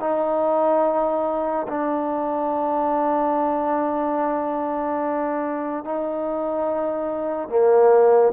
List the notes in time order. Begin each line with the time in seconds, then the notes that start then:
0.00 D#4
1.68 D4
5.84 D#4
7.49 A#3